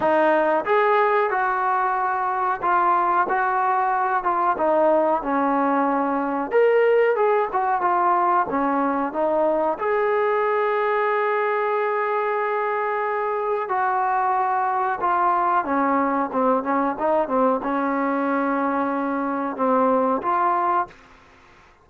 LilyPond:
\new Staff \with { instrumentName = "trombone" } { \time 4/4 \tempo 4 = 92 dis'4 gis'4 fis'2 | f'4 fis'4. f'8 dis'4 | cis'2 ais'4 gis'8 fis'8 | f'4 cis'4 dis'4 gis'4~ |
gis'1~ | gis'4 fis'2 f'4 | cis'4 c'8 cis'8 dis'8 c'8 cis'4~ | cis'2 c'4 f'4 | }